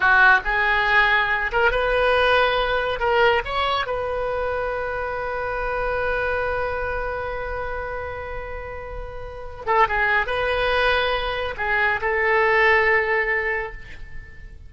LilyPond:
\new Staff \with { instrumentName = "oboe" } { \time 4/4 \tempo 4 = 140 fis'4 gis'2~ gis'8 ais'8 | b'2. ais'4 | cis''4 b'2.~ | b'1~ |
b'1~ | b'2~ b'8 a'8 gis'4 | b'2. gis'4 | a'1 | }